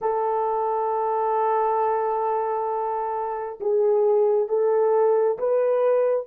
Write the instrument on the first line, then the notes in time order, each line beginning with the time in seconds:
horn
0.01 A4
3.60 G#4
4.48 A4
5.38 B4